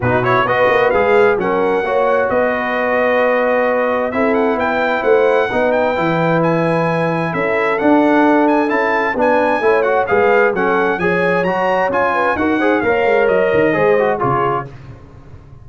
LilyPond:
<<
  \new Staff \with { instrumentName = "trumpet" } { \time 4/4 \tempo 4 = 131 b'8 cis''8 dis''4 f''4 fis''4~ | fis''4 dis''2.~ | dis''4 e''8 fis''8 g''4 fis''4~ | fis''8 g''4. gis''2 |
e''4 fis''4. gis''8 a''4 | gis''4. fis''8 f''4 fis''4 | gis''4 ais''4 gis''4 fis''4 | f''4 dis''2 cis''4 | }
  \new Staff \with { instrumentName = "horn" } { \time 4/4 fis'4 b'2 ais'4 | cis''4 b'2.~ | b'4 a'4 b'4 c''4 | b'1 |
a'1 | b'4 cis''4 b'4 a'4 | cis''2~ cis''8 b'8 ais'8 c''8 | cis''2 c''4 gis'4 | }
  \new Staff \with { instrumentName = "trombone" } { \time 4/4 dis'8 e'8 fis'4 gis'4 cis'4 | fis'1~ | fis'4 e'2. | dis'4 e'2.~ |
e'4 d'2 e'4 | d'4 e'8 fis'8 gis'4 cis'4 | gis'4 fis'4 f'4 fis'8 gis'8 | ais'2 gis'8 fis'8 f'4 | }
  \new Staff \with { instrumentName = "tuba" } { \time 4/4 b,4 b8 ais8 gis4 fis4 | ais4 b2.~ | b4 c'4 b4 a4 | b4 e2. |
cis'4 d'2 cis'4 | b4 a4 gis4 fis4 | f4 fis4 cis'4 dis'4 | ais8 gis8 fis8 dis8 gis4 cis4 | }
>>